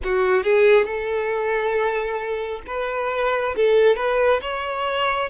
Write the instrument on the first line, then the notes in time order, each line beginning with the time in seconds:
violin
0.03 F#4
0.43 G#4
0.85 A4
2.67 B4
3.55 A4
3.96 B4
4.41 C#5